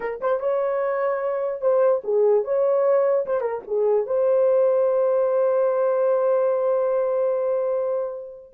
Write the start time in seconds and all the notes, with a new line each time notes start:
0.00 A#4
0.20 C5
0.40 C#5
1.61 C5
2.04 G#4
2.44 C#5
3.26 C5
3.41 A#4
3.67 G#4
4.06 C5